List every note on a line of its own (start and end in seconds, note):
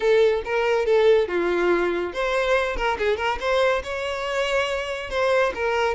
0.00 0.42 A4
0.45 0.85 A#4
0.85 1.28 A4
1.28 2.13 F4
2.13 2.76 C5
2.76 2.97 A#4
2.98 3.17 G#4
3.17 3.38 A#4
3.40 3.82 C5
3.83 5.10 C#5
5.10 5.52 C5
5.54 5.95 A#4